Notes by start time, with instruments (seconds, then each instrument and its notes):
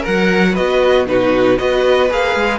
0.00 violin A#4 F#5, viola A#4
0.07 cello F#3
0.52 cello B3, viola F#4, violin B4 D#5
1.06 cello B2, viola D#4, violin F#4 B4
1.57 cello B3, viola F#4, violin B4 D#5
2.09 cello A#3, viola G#4, violin F5
2.35 cello G#3